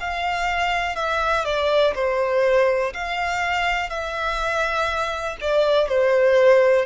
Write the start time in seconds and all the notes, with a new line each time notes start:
0.00 F5
0.96 E5
1.45 D5
1.95 C5
2.94 F5
3.89 E5
5.41 D5
5.88 C5